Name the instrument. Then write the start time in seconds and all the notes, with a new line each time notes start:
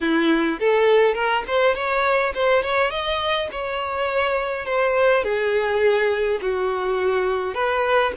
violin
0.01 E4
0.59 A4
1.14 A#4
1.47 C5
1.74 C#5
2.34 C5
2.62 C#5
2.90 D#5
3.51 C#5
4.65 C5
5.23 G#4
6.41 F#4
7.54 B4